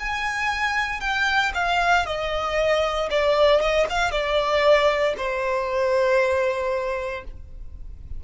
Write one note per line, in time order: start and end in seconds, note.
0.00 1.01 G#5
1.01 1.52 G5
1.55 2.06 F5
2.06 3.10 D#5
3.11 3.61 D5
3.61 3.87 D#5
3.90 4.11 F5
4.11 5.15 D5
5.18 7.25 C5